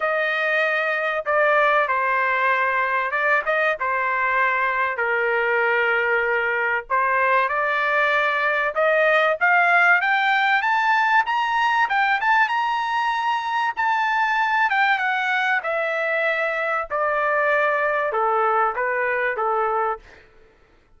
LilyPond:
\new Staff \with { instrumentName = "trumpet" } { \time 4/4 \tempo 4 = 96 dis''2 d''4 c''4~ | c''4 d''8 dis''8 c''2 | ais'2. c''4 | d''2 dis''4 f''4 |
g''4 a''4 ais''4 g''8 a''8 | ais''2 a''4. g''8 | fis''4 e''2 d''4~ | d''4 a'4 b'4 a'4 | }